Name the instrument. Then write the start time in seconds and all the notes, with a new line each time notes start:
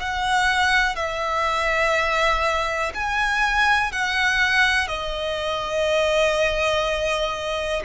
violin
0.00 F#5
0.96 E5
2.95 G#5
3.92 F#5
4.88 D#5